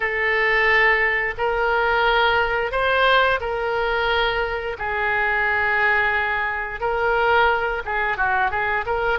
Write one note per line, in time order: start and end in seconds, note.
0.00 1.34 A4
1.37 2.71 A#4
2.71 3.39 C5
3.40 4.76 A#4
4.78 6.80 G#4
6.80 7.82 A#4
7.85 8.17 G#4
8.17 8.50 F#4
8.50 8.85 G#4
8.86 9.19 A#4